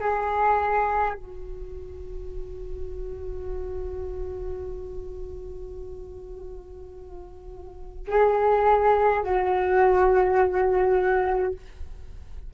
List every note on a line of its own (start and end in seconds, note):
0.00 1.14 G#4
1.14 8.07 F#4
8.08 9.23 G#4
9.23 11.54 F#4